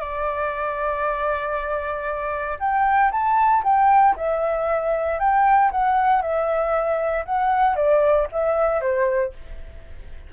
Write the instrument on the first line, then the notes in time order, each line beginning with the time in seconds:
flute
0.00 D5
2.60 G5
3.12 A5
3.64 G5
4.16 E5
5.20 G5
5.72 F#5
6.22 E5
7.26 F#5
7.76 D5
8.32 E5
8.81 C5